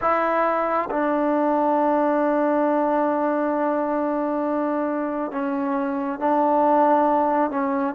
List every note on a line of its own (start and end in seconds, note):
0.01 0.89 E4
0.90 5.31 D4
5.31 6.19 C#4
6.19 7.50 D4
7.50 7.94 C#4